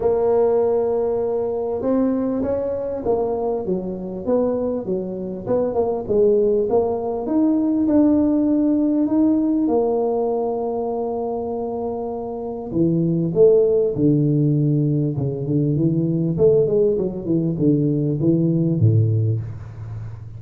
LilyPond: \new Staff \with { instrumentName = "tuba" } { \time 4/4 \tempo 4 = 99 ais2. c'4 | cis'4 ais4 fis4 b4 | fis4 b8 ais8 gis4 ais4 | dis'4 d'2 dis'4 |
ais1~ | ais4 e4 a4 d4~ | d4 cis8 d8 e4 a8 gis8 | fis8 e8 d4 e4 a,4 | }